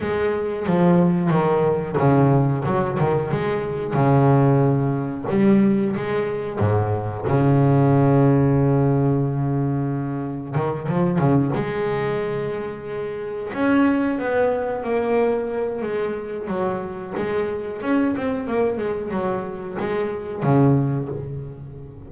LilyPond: \new Staff \with { instrumentName = "double bass" } { \time 4/4 \tempo 4 = 91 gis4 f4 dis4 cis4 | fis8 dis8 gis4 cis2 | g4 gis4 gis,4 cis4~ | cis1 |
dis8 f8 cis8 gis2~ gis8~ | gis8 cis'4 b4 ais4. | gis4 fis4 gis4 cis'8 c'8 | ais8 gis8 fis4 gis4 cis4 | }